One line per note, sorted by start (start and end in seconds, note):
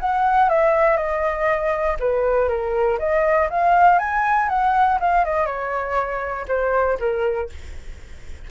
0.00 0.50 F#5
0.50 0.97 E5
0.97 1.97 D#5
2.00 2.49 B4
2.49 2.99 A#4
2.99 3.49 D#5
3.50 3.99 F5
3.99 4.49 G#5
4.49 4.99 F#5
5.00 5.25 F5
5.25 5.46 D#5
5.46 6.46 C#5
6.49 6.99 C5
7.00 7.50 A#4